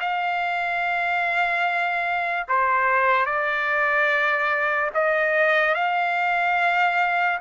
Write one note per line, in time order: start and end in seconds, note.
0.00 2.47 F5
2.48 3.26 C5
3.26 4.90 D5
4.94 5.75 D#5
5.75 7.39 F5